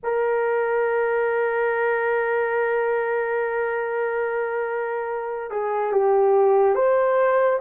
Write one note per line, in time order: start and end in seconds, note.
0.03 5.50 A#4
5.50 5.92 G#4
5.92 6.75 G4
6.75 7.59 C5